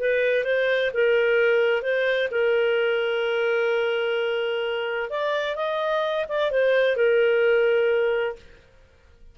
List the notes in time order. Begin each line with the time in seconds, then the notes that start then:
0.00 B4
0.45 C5
0.94 A#4
1.83 C5
2.31 A#4
5.10 D5
5.56 D#5
6.29 D5
6.52 C5
6.97 A#4